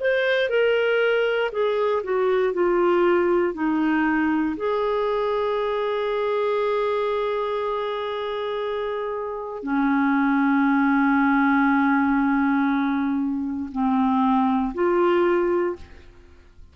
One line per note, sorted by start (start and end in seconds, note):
0.00 0.49 C5
0.49 1.51 A#4
1.52 2.02 G#4
2.03 2.53 F#4
2.53 3.54 F4
3.54 4.55 D#4
4.56 9.63 G#4
9.63 13.70 C#4
13.71 14.73 C4
14.74 15.76 F4